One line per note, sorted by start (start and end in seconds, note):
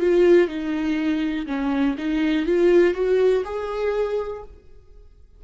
0.00 0.48 F4
0.48 1.46 D#4
1.47 1.96 C#4
1.98 2.46 D#4
2.46 2.95 F4
2.95 3.44 F#4
3.45 4.43 G#4